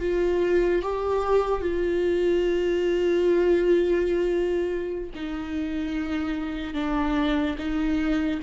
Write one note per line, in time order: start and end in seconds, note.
0.00 0.82 F4
0.82 1.61 G4
1.61 5.10 F4
5.15 6.74 D#4
6.74 7.56 D4
7.58 8.40 D#4